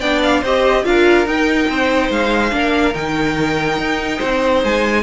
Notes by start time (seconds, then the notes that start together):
0.00 B3 D4 D5 G5
0.23 F5
0.41 C4 G4 C5 D#5
0.84 D4 F4 A#4 F5
1.26 D#4 G5
1.68 C4 C5
2.10 G#3 F5
2.51 A#3 D4 A#4
2.94 D#3 D#4 G5
3.78 D#4
4.17 C4 C5
4.64 G#3 G#5